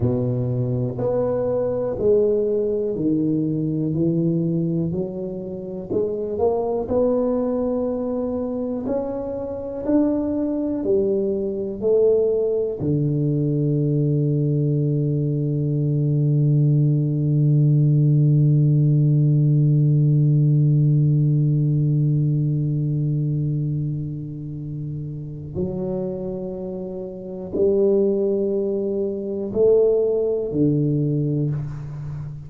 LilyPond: \new Staff \with { instrumentName = "tuba" } { \time 4/4 \tempo 4 = 61 b,4 b4 gis4 dis4 | e4 fis4 gis8 ais8 b4~ | b4 cis'4 d'4 g4 | a4 d2.~ |
d1~ | d1~ | d2 fis2 | g2 a4 d4 | }